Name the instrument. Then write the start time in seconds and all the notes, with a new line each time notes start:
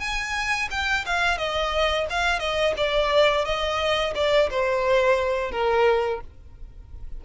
violin
0.00 G#5
0.71 G5
1.06 F5
1.38 D#5
2.10 F5
2.39 D#5
2.77 D5
3.45 D#5
4.15 D5
4.50 C5
5.52 A#4